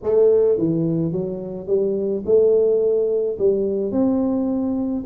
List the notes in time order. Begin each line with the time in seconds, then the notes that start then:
0.02 A3
0.58 E3
1.12 F#3
1.67 G3
2.25 A3
3.38 G3
3.91 C4